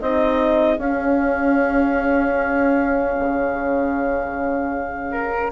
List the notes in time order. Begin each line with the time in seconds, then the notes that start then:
0.00 C4 D#4 G#4 D#5
0.78 C#4 F5
3.20 C#3
5.12 A#4